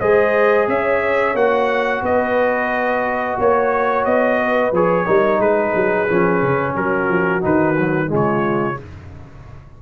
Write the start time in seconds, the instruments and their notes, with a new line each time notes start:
0.00 tuba G#3, trombone G#4, horn C5, trumpet D#5
0.68 tuba C#4, horn C#5, trumpet E5
1.34 tuba A#3, trombone F#4, trumpet F#5
2.02 tuba B3, horn B4, trumpet D#5
3.38 tuba A#3, horn C#5, trumpet C#5
4.05 tuba B3, trumpet D#5
4.42 horn B4
4.72 tuba F3, trombone G#4, trumpet C#5
5.06 tuba G3, trombone D#4, horn A#4
5.39 tuba G#3, horn G#4, trumpet B4
5.75 tuba F#3
6.08 tuba F3, trombone C#4
6.42 tuba C#3
6.74 tuba F#3, horn F#4, trumpet A#4
7.09 tuba F3
7.41 tuba D#3, trombone D#4, trumpet B4
7.77 trombone F#3
8.07 tuba C#3, trombone G#3, horn F4
8.15 trumpet C#5